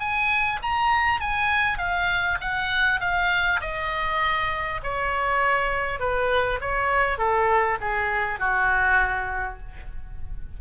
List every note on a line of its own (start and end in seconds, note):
0.00 0.60 G#5
0.62 1.21 A#5
1.21 1.78 G#5
1.78 2.38 F5
2.41 3.01 F#5
3.01 3.61 F5
3.61 4.81 D#5
4.83 6.00 C#5
6.00 6.60 B4
6.61 7.18 C#5
7.18 7.78 A4
7.81 8.39 G#4
8.39 9.59 F#4